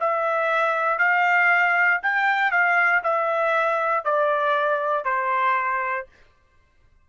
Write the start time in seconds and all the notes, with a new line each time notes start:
0.00 E5
0.98 F5
2.02 G5
2.51 F5
3.03 E5
4.04 D5
5.04 C5